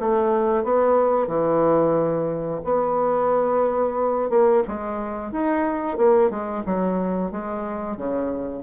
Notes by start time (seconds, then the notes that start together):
0.00 A3
0.64 B3
1.28 E3
2.64 B3
4.30 A#3
4.68 G#3
5.32 D#4
5.97 A#3
6.30 G#3
6.66 F#3
7.32 G#3
7.97 C#3